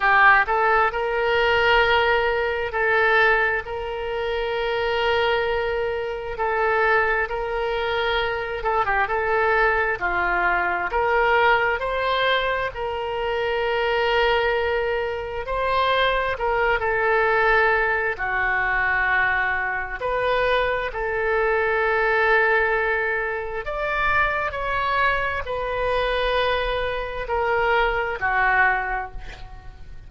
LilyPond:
\new Staff \with { instrumentName = "oboe" } { \time 4/4 \tempo 4 = 66 g'8 a'8 ais'2 a'4 | ais'2. a'4 | ais'4. a'16 g'16 a'4 f'4 | ais'4 c''4 ais'2~ |
ais'4 c''4 ais'8 a'4. | fis'2 b'4 a'4~ | a'2 d''4 cis''4 | b'2 ais'4 fis'4 | }